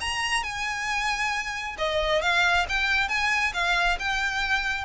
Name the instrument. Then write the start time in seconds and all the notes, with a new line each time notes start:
violin
0.00 A#5
0.43 G#5
1.78 D#5
2.21 F5
2.69 G5
3.08 G#5
3.53 F5
3.99 G5